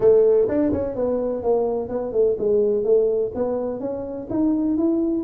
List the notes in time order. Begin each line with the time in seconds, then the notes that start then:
0.00 A3
0.48 D4
0.72 C#4
0.95 B3
1.42 A#3
1.88 B3
2.12 A3
2.38 G#3
2.83 A3
3.34 B3
3.79 C#4
4.29 D#4
4.77 E4